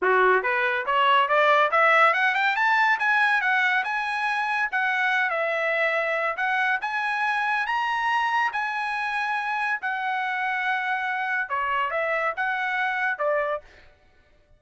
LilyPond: \new Staff \with { instrumentName = "trumpet" } { \time 4/4 \tempo 4 = 141 fis'4 b'4 cis''4 d''4 | e''4 fis''8 g''8 a''4 gis''4 | fis''4 gis''2 fis''4~ | fis''8 e''2~ e''8 fis''4 |
gis''2 ais''2 | gis''2. fis''4~ | fis''2. cis''4 | e''4 fis''2 d''4 | }